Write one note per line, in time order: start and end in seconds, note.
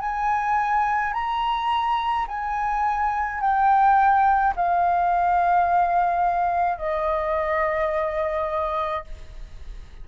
0.00 1.13 G#5
1.13 2.26 A#5
2.27 3.41 G#5
3.41 4.54 G5
4.55 6.78 F5
6.78 9.04 D#5